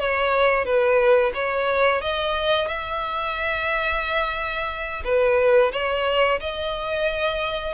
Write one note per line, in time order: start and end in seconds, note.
0.00 0.65 C#5
0.65 1.33 B4
1.35 2.02 C#5
2.02 2.68 D#5
2.68 5.04 E5
5.05 5.72 B4
5.73 6.40 C#5
6.40 7.74 D#5